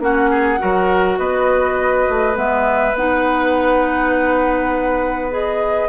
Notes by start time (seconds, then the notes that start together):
0.00 A#3 C#4 F#4 F#5
0.30 G#4
0.58 F#3 F#4 A#4
1.19 B3 B4 D#5
2.09 A3
2.34 G#3 B3 E5
2.94 B3 D#4 F#5
5.31 G#4 D#5